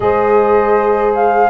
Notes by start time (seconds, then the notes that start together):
0.00 G#3 G#4 C5 D#5
1.14 F5